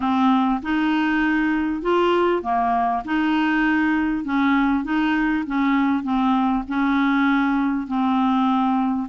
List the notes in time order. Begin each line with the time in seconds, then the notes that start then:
0.00 C4
0.62 D#4
1.82 F4
2.42 A#3
3.05 D#4
4.24 C#4
4.83 D#4
5.46 C#4
6.03 C4
6.67 C#4
7.87 C4